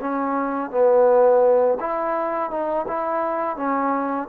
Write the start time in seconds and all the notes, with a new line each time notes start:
0.00 C#4
0.71 B3
1.80 E4
2.50 D#4
2.87 E4
3.56 C#4